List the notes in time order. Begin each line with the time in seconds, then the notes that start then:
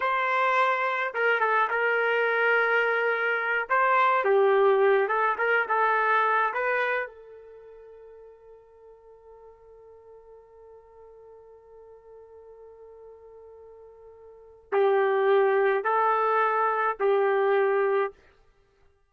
0.00 C5
1.14 A#4
1.40 A4
1.70 A#4
3.69 C5
4.24 G4
5.08 A4
5.37 A#4
5.68 A4
6.53 B4
7.06 A4
14.72 G4
15.83 A4
16.99 G4